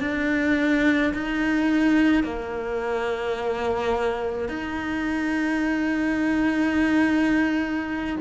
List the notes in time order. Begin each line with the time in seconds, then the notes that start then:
0.00 D4
1.14 D#4
2.23 A#3
4.49 D#4